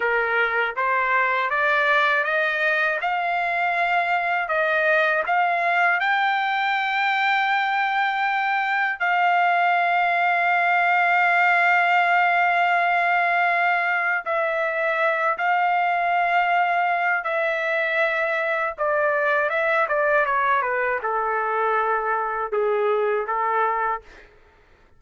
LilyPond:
\new Staff \with { instrumentName = "trumpet" } { \time 4/4 \tempo 4 = 80 ais'4 c''4 d''4 dis''4 | f''2 dis''4 f''4 | g''1 | f''1~ |
f''2. e''4~ | e''8 f''2~ f''8 e''4~ | e''4 d''4 e''8 d''8 cis''8 b'8 | a'2 gis'4 a'4 | }